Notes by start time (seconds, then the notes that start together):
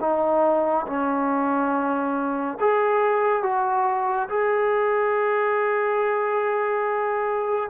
0.00 D#4
0.86 C#4
2.60 G#4
3.42 F#4
4.29 G#4